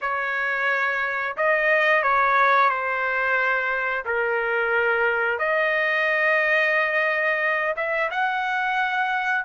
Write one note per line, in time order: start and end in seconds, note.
0.01 1.36 C#5
1.36 2.02 D#5
2.02 2.69 C#5
2.69 4.04 C5
4.04 5.38 A#4
5.38 7.74 D#5
7.76 8.10 E5
8.10 9.44 F#5